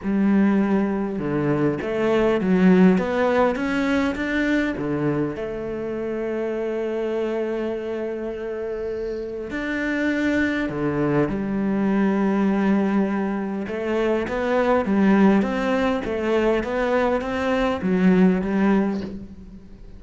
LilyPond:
\new Staff \with { instrumentName = "cello" } { \time 4/4 \tempo 4 = 101 g2 d4 a4 | fis4 b4 cis'4 d'4 | d4 a2.~ | a1 |
d'2 d4 g4~ | g2. a4 | b4 g4 c'4 a4 | b4 c'4 fis4 g4 | }